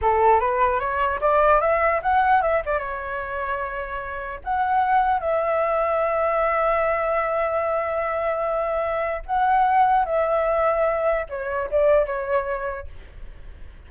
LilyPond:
\new Staff \with { instrumentName = "flute" } { \time 4/4 \tempo 4 = 149 a'4 b'4 cis''4 d''4 | e''4 fis''4 e''8 d''8 cis''4~ | cis''2. fis''4~ | fis''4 e''2.~ |
e''1~ | e''2. fis''4~ | fis''4 e''2. | cis''4 d''4 cis''2 | }